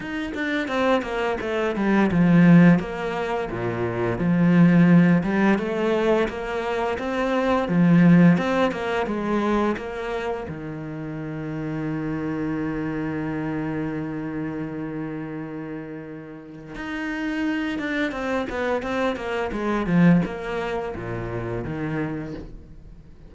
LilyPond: \new Staff \with { instrumentName = "cello" } { \time 4/4 \tempo 4 = 86 dis'8 d'8 c'8 ais8 a8 g8 f4 | ais4 ais,4 f4. g8 | a4 ais4 c'4 f4 | c'8 ais8 gis4 ais4 dis4~ |
dis1~ | dis1 | dis'4. d'8 c'8 b8 c'8 ais8 | gis8 f8 ais4 ais,4 dis4 | }